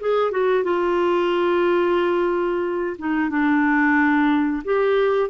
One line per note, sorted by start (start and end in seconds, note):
0.00 0.31 G#4
0.31 0.63 F#4
0.63 2.96 F4
2.98 3.29 D#4
3.29 4.62 D4
4.64 5.29 G4